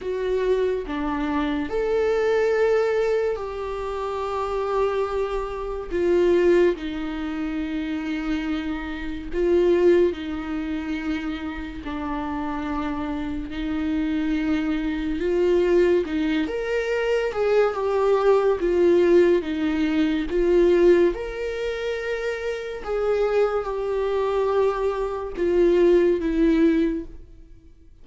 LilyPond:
\new Staff \with { instrumentName = "viola" } { \time 4/4 \tempo 4 = 71 fis'4 d'4 a'2 | g'2. f'4 | dis'2. f'4 | dis'2 d'2 |
dis'2 f'4 dis'8 ais'8~ | ais'8 gis'8 g'4 f'4 dis'4 | f'4 ais'2 gis'4 | g'2 f'4 e'4 | }